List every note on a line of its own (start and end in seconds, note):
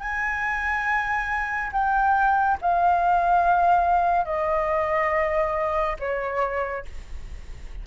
0.00 1.71 G#5
1.72 2.58 G5
2.61 4.25 F5
4.25 5.97 D#5
6.00 6.85 C#5